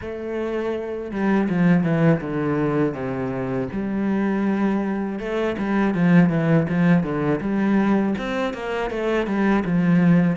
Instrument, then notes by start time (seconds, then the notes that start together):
cello
0.01 A3
1.11 G3
1.48 F3
1.83 E3
2.21 D3
2.94 C3
3.72 G3
5.19 A3
5.58 G3
5.94 F3
6.29 E3
6.68 F3
7.03 D3
7.40 G3
8.18 C4
8.53 A#3
8.90 A3
9.26 G3
9.65 F3